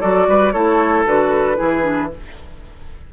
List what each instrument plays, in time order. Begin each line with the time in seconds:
0.00 bassoon F#3, clarinet F#4, oboe A4, flute D5
0.27 bassoon G3, oboe B4
0.52 bassoon A3, clarinet E4, oboe A4, flute C#5
1.06 bassoon D3, clarinet F#4, flute B4
1.56 bassoon E3, clarinet E4, oboe G#4
1.82 clarinet D4